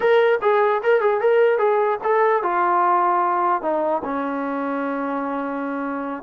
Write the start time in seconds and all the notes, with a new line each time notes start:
0.00 A#4
0.41 G#4
0.83 A#4
1.01 G#4
1.21 A#4
1.58 G#4
2.03 A4
2.42 F4
3.61 D#4
4.04 C#4